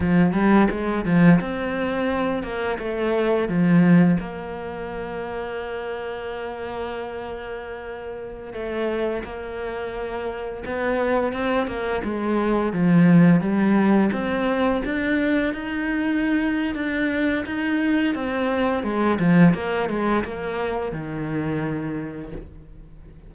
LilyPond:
\new Staff \with { instrumentName = "cello" } { \time 4/4 \tempo 4 = 86 f8 g8 gis8 f8 c'4. ais8 | a4 f4 ais2~ | ais1~ | ais16 a4 ais2 b8.~ |
b16 c'8 ais8 gis4 f4 g8.~ | g16 c'4 d'4 dis'4.~ dis'16 | d'4 dis'4 c'4 gis8 f8 | ais8 gis8 ais4 dis2 | }